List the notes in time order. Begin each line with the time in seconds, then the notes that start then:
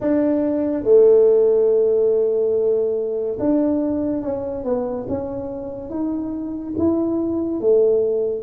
0.00 D4
0.83 A3
3.39 D4
4.22 C#4
4.64 B3
5.08 C#4
5.90 D#4
6.78 E4
7.60 A3